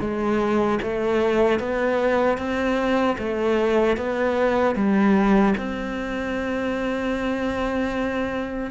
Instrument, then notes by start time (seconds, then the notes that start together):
cello
0.00 G#3
0.82 A3
1.59 B3
2.37 C4
3.18 A3
3.97 B3
4.75 G3
5.57 C4